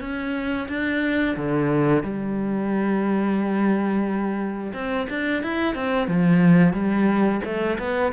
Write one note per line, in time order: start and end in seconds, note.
0.00 0.67 C#4
0.68 1.36 D4
1.36 2.03 D3
2.03 4.73 G3
4.73 5.07 C4
5.09 5.43 D4
5.43 5.75 E4
5.75 6.07 C4
6.07 6.73 F3
6.73 7.40 G3
7.44 7.78 A3
7.79 8.12 B3